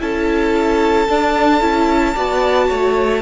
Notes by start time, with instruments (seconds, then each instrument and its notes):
0.00 cello C#4, viola E4, violin A4 A5
1.09 viola D4, cello D4
1.61 cello C#4, viola E4
2.15 cello B3, viola F#4, violin D5
2.69 cello A3, violin C#5